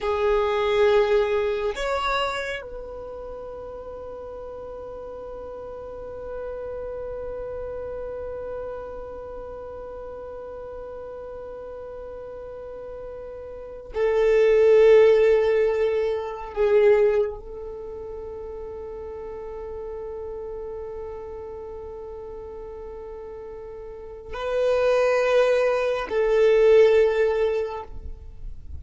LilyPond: \new Staff \with { instrumentName = "violin" } { \time 4/4 \tempo 4 = 69 gis'2 cis''4 b'4~ | b'1~ | b'1~ | b'1 |
a'2. gis'4 | a'1~ | a'1 | b'2 a'2 | }